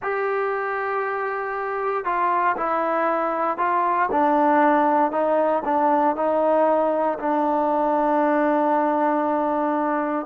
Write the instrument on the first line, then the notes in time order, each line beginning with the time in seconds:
trombone
0.02 G4
2.04 F4
2.56 E4
3.57 F4
4.11 D4
5.11 D#4
5.64 D4
6.16 D#4
7.19 D4